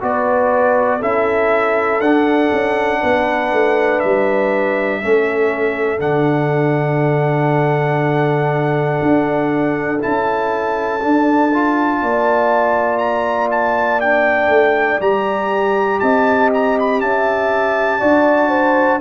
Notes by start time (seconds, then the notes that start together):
0.00 B3 F#4 B4 D5
0.99 C#4 E4 A4 E5
2.01 D4 F#5
2.52 C#4
3.01 B3 B4
3.52 A3
3.99 G3 E5
5.01 A3 C#4 A4
5.98 D3 D4 F#5
9.02 D4
10.00 C#4 E4 A5
11.01 D4
11.53 F4
12.02 A#3 D5
12.98 A#5
13.51 A5
14.01 D4 G5
14.48 A3
15.00 G3 G4 A#5
16.00 C4 D#5 A5
16.54 A#5
16.79 B5
17.01 C#4 E5 A5
17.99 D4 F#4 D5
18.49 C5